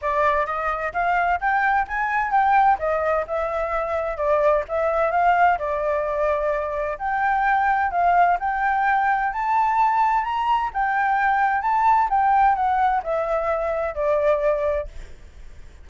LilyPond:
\new Staff \with { instrumentName = "flute" } { \time 4/4 \tempo 4 = 129 d''4 dis''4 f''4 g''4 | gis''4 g''4 dis''4 e''4~ | e''4 d''4 e''4 f''4 | d''2. g''4~ |
g''4 f''4 g''2 | a''2 ais''4 g''4~ | g''4 a''4 g''4 fis''4 | e''2 d''2 | }